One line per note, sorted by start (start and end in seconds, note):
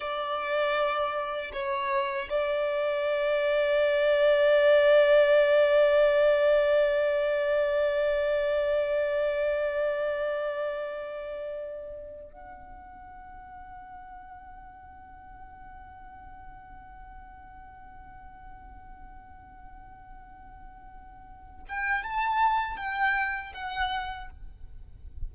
0.00 1.51 D5
1.52 2.28 C#5
2.29 12.33 D5
12.33 21.63 F#5
21.68 22.03 G5
22.03 22.76 A5
22.76 23.52 G5
23.53 24.29 F#5